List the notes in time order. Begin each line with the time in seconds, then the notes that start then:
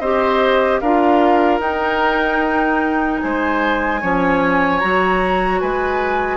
0.00 C4 G4 C5 D#5
0.80 D4 F4 A#4 F5
1.60 D#4 G5
3.20 G#3 C5 G#5
4.01 F3 C#4 C#5
4.80 F#3 F#4 A#5
5.61 G#3 B4 G#5